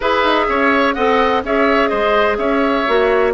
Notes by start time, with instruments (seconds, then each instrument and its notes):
0.00 bassoon E4, clarinet G#4, oboe B4, flute E5
0.24 bassoon D#4
0.48 bassoon C#4, oboe C#5
0.93 bassoon C4, clarinet A4, oboe D#5, flute F#5
1.43 bassoon C#4, clarinet G#4, oboe C#5, flute E5
1.88 bassoon G#3, oboe C5, flute D#5
2.37 bassoon C#4, oboe C#5, flute E5
2.87 bassoon A#3, clarinet F#4